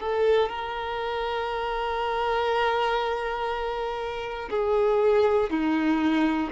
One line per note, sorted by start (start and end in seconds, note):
0.00 0.49 A4
0.49 4.49 A#4
4.50 5.50 G#4
5.50 6.50 D#4